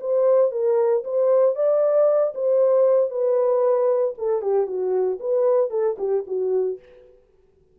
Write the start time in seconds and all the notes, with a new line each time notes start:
0.00 C5
0.51 A#4
1.04 C5
1.55 D5
2.35 C5
3.10 B4
4.17 A4
4.42 G4
4.66 F#4
5.20 B4
5.70 A4
5.98 G4
6.27 F#4